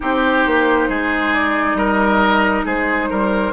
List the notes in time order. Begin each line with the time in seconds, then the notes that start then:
0.00 C4 D#4 G4 C5
0.46 A#3
0.88 G#3 G#4
1.33 D5
1.74 G3 A#4 D#5
2.65 G#3 G#4 C5
3.09 G3 A#4